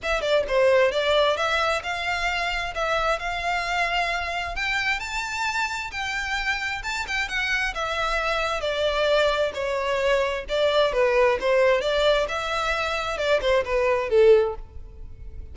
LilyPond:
\new Staff \with { instrumentName = "violin" } { \time 4/4 \tempo 4 = 132 e''8 d''8 c''4 d''4 e''4 | f''2 e''4 f''4~ | f''2 g''4 a''4~ | a''4 g''2 a''8 g''8 |
fis''4 e''2 d''4~ | d''4 cis''2 d''4 | b'4 c''4 d''4 e''4~ | e''4 d''8 c''8 b'4 a'4 | }